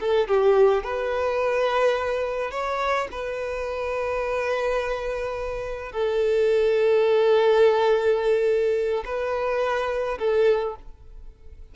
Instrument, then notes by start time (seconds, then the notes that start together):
violin
0.00 A4
0.28 G4
0.83 B4
2.51 C#5
3.11 B4
5.92 A4
9.05 B4
10.18 A4